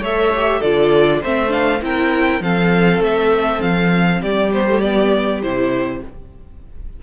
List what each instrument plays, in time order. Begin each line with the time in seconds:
0.00 cello A3, viola A4, violin C#5 E5
0.35 viola G4
0.60 cello D3, viola F4, violin A4 D5
1.21 cello A3, viola C4, violin C5 E5
1.49 viola D4, violin F5
1.81 cello C4, viola E4, violin A#4 G5
2.41 cello F3, viola C4, violin A4 F5
3.00 cello A3, violin E5
3.62 cello F3, violin F5
4.20 cello G3, violin G4 D5
4.53 viola B3, violin C5
4.69 viola A3
4.81 viola B3, violin D5
5.42 cello C3, viola E4, violin C5